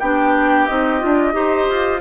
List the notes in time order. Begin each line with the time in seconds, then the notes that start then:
0.00 B3 D4 G4 G5
0.66 C4 D#4 D#5
1.00 D4 F4
1.33 D#4 G4 C5
1.70 F4